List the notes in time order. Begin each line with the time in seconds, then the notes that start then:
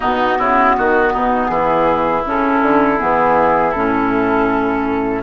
0.00 B2 B3 D#4 F#4
0.38 C#3 E4
0.77 D#3 F#4
1.13 B2 D#4
1.46 E3 E4 G#4
2.25 C#3 C#4 A4
2.62 D3
2.98 E3 B3 G#4
3.72 A2 C#4 A4